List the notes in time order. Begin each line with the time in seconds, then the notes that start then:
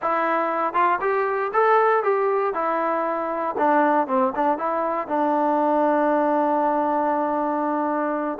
0.01 E4
0.73 F4
1.01 G4
1.53 A4
2.03 G4
2.54 E4
3.58 D4
4.07 C4
4.35 D4
4.57 E4
5.07 D4